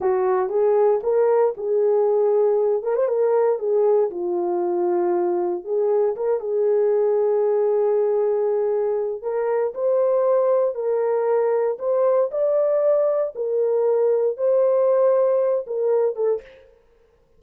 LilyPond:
\new Staff \with { instrumentName = "horn" } { \time 4/4 \tempo 4 = 117 fis'4 gis'4 ais'4 gis'4~ | gis'4. ais'16 c''16 ais'4 gis'4 | f'2. gis'4 | ais'8 gis'2.~ gis'8~ |
gis'2 ais'4 c''4~ | c''4 ais'2 c''4 | d''2 ais'2 | c''2~ c''8 ais'4 a'8 | }